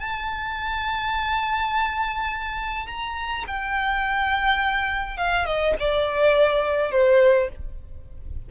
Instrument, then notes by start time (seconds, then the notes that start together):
violin
0.00 A5
2.87 A#5
3.48 G5
5.18 F5
5.46 D#5
5.80 D5
6.92 C5